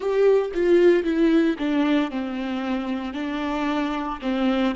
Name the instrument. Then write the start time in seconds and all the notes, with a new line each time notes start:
viola
0.00 G4
0.54 F4
1.03 E4
1.58 D4
2.11 C4
3.13 D4
4.21 C4